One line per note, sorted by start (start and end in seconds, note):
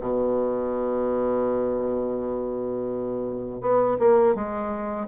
0.00 3.61 B2
3.61 3.97 B3
3.99 4.35 A#3
4.35 5.07 G#3